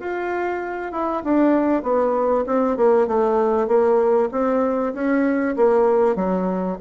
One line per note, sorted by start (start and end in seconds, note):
0.00 0.92 F4
0.92 1.23 E4
1.24 1.83 D4
1.83 2.45 B3
2.47 2.77 C4
2.77 3.07 A#3
3.07 3.68 A3
3.68 4.30 A#3
4.32 4.94 C4
4.94 5.56 C#4
5.57 6.16 A#3
6.16 6.78 F#3